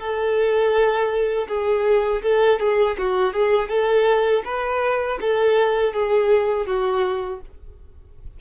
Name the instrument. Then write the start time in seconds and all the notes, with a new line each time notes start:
violin
0.00 A4
1.48 G#4
2.23 A4
2.60 G#4
2.98 F#4
3.34 G#4
3.69 A4
4.45 B4
5.21 A4
5.94 G#4
6.67 F#4